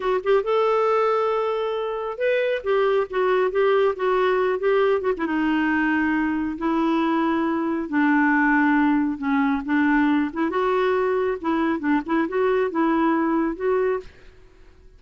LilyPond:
\new Staff \with { instrumentName = "clarinet" } { \time 4/4 \tempo 4 = 137 fis'8 g'8 a'2.~ | a'4 b'4 g'4 fis'4 | g'4 fis'4. g'4 fis'16 e'16 | dis'2. e'4~ |
e'2 d'2~ | d'4 cis'4 d'4. e'8 | fis'2 e'4 d'8 e'8 | fis'4 e'2 fis'4 | }